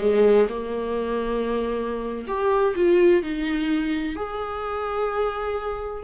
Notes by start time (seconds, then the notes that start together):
0.00 G#3
0.49 A#3
2.27 G4
2.75 F4
3.22 D#4
4.16 G#4